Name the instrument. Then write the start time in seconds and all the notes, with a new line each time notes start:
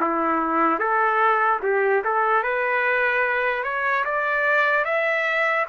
trumpet
0.00 E4
0.79 A4
1.63 G4
2.05 A4
2.43 B4
3.64 C#5
4.05 D5
4.85 E5